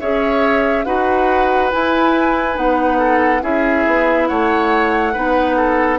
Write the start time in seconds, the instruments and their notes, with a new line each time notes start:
0.00 bassoon C#4, clarinet G#4, oboe C#5, flute E5
0.85 bassoon D#4, clarinet F#4, oboe B4, flute F#5
1.72 clarinet E4, bassoon E4, flute G#5
2.55 bassoon B3, clarinet D#4, flute F#5
2.99 oboe A4
3.41 bassoon C#4, clarinet E4, oboe G#4, flute E5
3.87 bassoon B3
4.28 bassoon A3, oboe C#5, flute F#5
5.13 bassoon B3, clarinet D#4, oboe B4
5.57 oboe A4